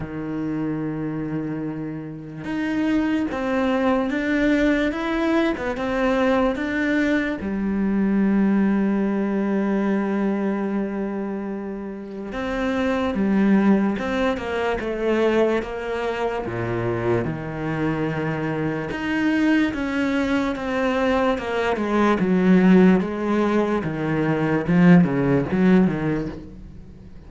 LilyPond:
\new Staff \with { instrumentName = "cello" } { \time 4/4 \tempo 4 = 73 dis2. dis'4 | c'4 d'4 e'8. b16 c'4 | d'4 g2.~ | g2. c'4 |
g4 c'8 ais8 a4 ais4 | ais,4 dis2 dis'4 | cis'4 c'4 ais8 gis8 fis4 | gis4 dis4 f8 cis8 fis8 dis8 | }